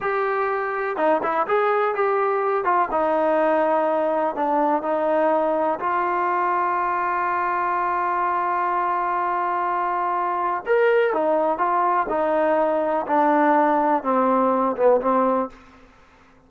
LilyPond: \new Staff \with { instrumentName = "trombone" } { \time 4/4 \tempo 4 = 124 g'2 dis'8 e'8 gis'4 | g'4. f'8 dis'2~ | dis'4 d'4 dis'2 | f'1~ |
f'1~ | f'2 ais'4 dis'4 | f'4 dis'2 d'4~ | d'4 c'4. b8 c'4 | }